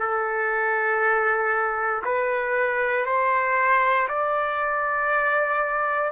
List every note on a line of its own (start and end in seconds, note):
0.00 2.03 A4
2.05 3.07 B4
3.07 4.09 C5
4.09 6.12 D5